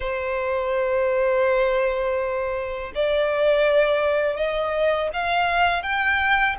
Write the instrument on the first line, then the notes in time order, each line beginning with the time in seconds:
violin
0.00 C5
2.94 D5
4.36 D#5
5.13 F5
5.82 G5